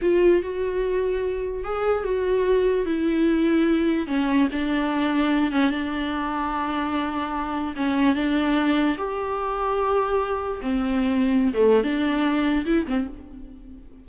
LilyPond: \new Staff \with { instrumentName = "viola" } { \time 4/4 \tempo 4 = 147 f'4 fis'2. | gis'4 fis'2 e'4~ | e'2 cis'4 d'4~ | d'4. cis'8 d'2~ |
d'2. cis'4 | d'2 g'2~ | g'2 c'2~ | c'16 a8. d'2 e'8 c'8 | }